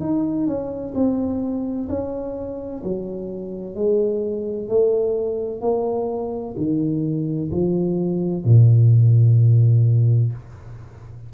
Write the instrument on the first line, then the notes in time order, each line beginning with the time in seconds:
tuba
0.00 D#4
0.47 C#4
0.94 C4
1.89 C#4
2.83 F#3
3.75 G#3
4.68 A3
5.61 A#3
6.57 D#3
7.51 F3
8.45 A#2